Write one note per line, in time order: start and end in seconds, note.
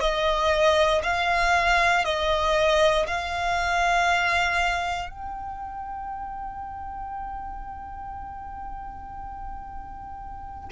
0.00 1.02 D#5
1.03 2.04 F5
2.04 3.06 D#5
3.07 5.09 F5
5.09 10.69 G5